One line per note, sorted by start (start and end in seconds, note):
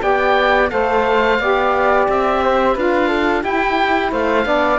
0.00 0.71 B3
0.00 0.68 G4
0.00 0.70 D5
0.00 0.69 G5
0.69 1.39 A3
0.69 1.37 A4
0.69 1.40 C5
0.69 2.06 F5
1.39 2.07 B3
1.39 2.76 G4
1.39 2.42 D5
2.08 2.76 C4
2.08 2.78 E5
2.43 2.74 C5
2.74 3.43 D4
2.74 3.43 F4
2.74 3.08 B4
2.74 3.43 F5
3.08 3.42 A4
3.42 4.11 E4
3.42 4.44 E4
3.42 4.11 G4
3.42 4.12 G5
4.12 4.45 A3
4.12 4.46 C5
4.12 4.79 F5
4.44 4.79 B3
4.44 4.78 D4
4.44 4.79 D5